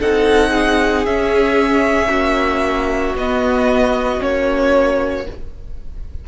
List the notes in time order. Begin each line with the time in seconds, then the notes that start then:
0.00 C4 D#4 A4 F#5
0.50 G#4
1.06 C#4 E5
2.09 A#3 F#4
3.15 B3 D#5
4.19 A#3 C#4 C#5